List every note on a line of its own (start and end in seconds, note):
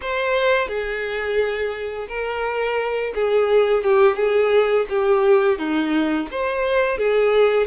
0.01 0.68 C5
0.68 2.07 G#4
2.08 3.13 A#4
3.14 3.83 G#4
3.83 4.16 G4
4.16 4.86 G#4
4.89 5.58 G4
5.58 6.28 D#4
6.31 6.98 C5
6.98 7.66 G#4